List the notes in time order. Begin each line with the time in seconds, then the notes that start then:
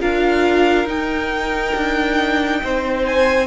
0.00 D4 F4 A#4 F5
0.85 D#4 G5
1.75 D4
2.64 C4 C5
3.05 G#5